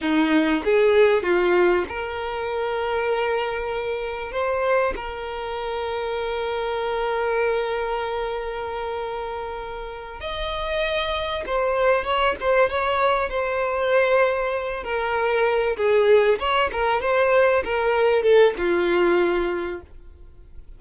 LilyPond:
\new Staff \with { instrumentName = "violin" } { \time 4/4 \tempo 4 = 97 dis'4 gis'4 f'4 ais'4~ | ais'2. c''4 | ais'1~ | ais'1~ |
ais'8 dis''2 c''4 cis''8 | c''8 cis''4 c''2~ c''8 | ais'4. gis'4 cis''8 ais'8 c''8~ | c''8 ais'4 a'8 f'2 | }